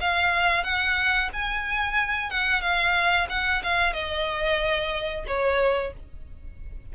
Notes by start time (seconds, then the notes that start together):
0.00 F5
0.63 F#5
1.33 G#5
2.30 F#5
2.61 F5
3.29 F#5
3.63 F5
3.93 D#5
5.27 C#5